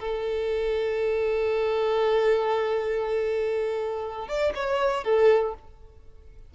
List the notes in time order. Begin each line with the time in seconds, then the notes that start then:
0.00 A4
4.28 D5
4.55 C#5
5.04 A4